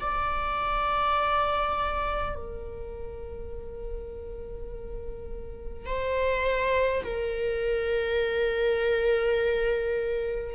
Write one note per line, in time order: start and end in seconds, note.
0.00 2.35 D5
2.35 5.86 A#4
5.86 7.03 C5
7.04 10.55 A#4